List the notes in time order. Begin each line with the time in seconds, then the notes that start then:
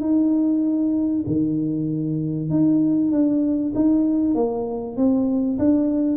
0.00 D#4
1.27 D#3
2.49 D#4
3.11 D4
3.75 D#4
4.34 A#3
4.96 C4
5.58 D4